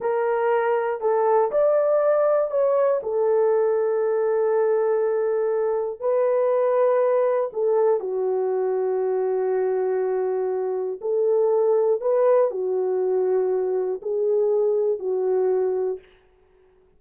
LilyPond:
\new Staff \with { instrumentName = "horn" } { \time 4/4 \tempo 4 = 120 ais'2 a'4 d''4~ | d''4 cis''4 a'2~ | a'1 | b'2. a'4 |
fis'1~ | fis'2 a'2 | b'4 fis'2. | gis'2 fis'2 | }